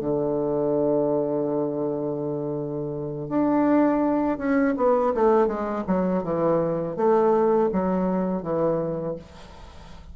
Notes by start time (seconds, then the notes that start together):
0.00 D3
3.29 D4
4.38 C#4
4.77 B3
5.14 A3
5.47 G#3
5.87 F#3
6.23 E3
6.96 A3
7.72 F#3
8.42 E3